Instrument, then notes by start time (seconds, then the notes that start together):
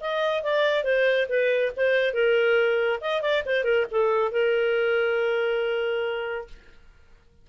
clarinet
0.00 D#5
0.43 D5
0.84 C5
1.29 B4
1.76 C5
2.13 A#4
3.00 D#5
3.21 D5
3.46 C5
3.64 A#4
3.91 A4
4.32 A#4